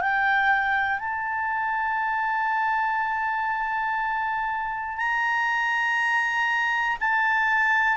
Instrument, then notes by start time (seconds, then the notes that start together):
clarinet
0.00 G5
0.99 A5
4.97 A#5
7.00 A5